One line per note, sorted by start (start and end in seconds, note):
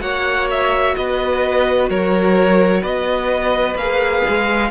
0.00 0.95 A#3
0.00 3.75 F#4
0.00 0.96 C#5
0.00 0.48 F#5
0.51 0.96 E5
0.96 1.89 B3
0.96 1.90 B4
0.96 1.89 D#5
1.89 2.83 F#3
1.89 2.82 A#4
1.89 2.84 C#5
2.82 3.75 B3
2.82 4.69 B4
2.82 3.77 D#5
3.75 4.22 A#3
3.75 4.71 G#4
3.75 4.71 F5
4.28 4.71 G#3